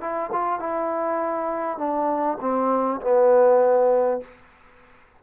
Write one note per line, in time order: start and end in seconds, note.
0.00 0.30 E4
0.32 0.59 F4
0.59 1.78 E4
1.78 2.38 D4
2.40 3.00 C4
3.01 4.21 B3